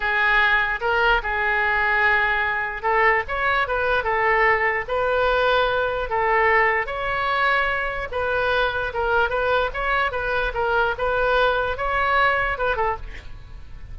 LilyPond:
\new Staff \with { instrumentName = "oboe" } { \time 4/4 \tempo 4 = 148 gis'2 ais'4 gis'4~ | gis'2. a'4 | cis''4 b'4 a'2 | b'2. a'4~ |
a'4 cis''2. | b'2 ais'4 b'4 | cis''4 b'4 ais'4 b'4~ | b'4 cis''2 b'8 a'8 | }